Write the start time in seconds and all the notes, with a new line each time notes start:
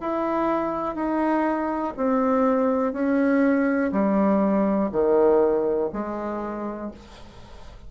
0.00 E4
0.95 D#4
1.97 C4
2.92 C#4
3.92 G3
4.91 D#3
5.92 G#3